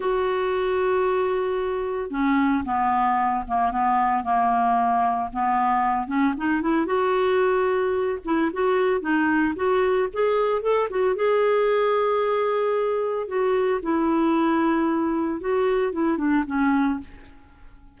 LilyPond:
\new Staff \with { instrumentName = "clarinet" } { \time 4/4 \tempo 4 = 113 fis'1 | cis'4 b4. ais8 b4 | ais2 b4. cis'8 | dis'8 e'8 fis'2~ fis'8 e'8 |
fis'4 dis'4 fis'4 gis'4 | a'8 fis'8 gis'2.~ | gis'4 fis'4 e'2~ | e'4 fis'4 e'8 d'8 cis'4 | }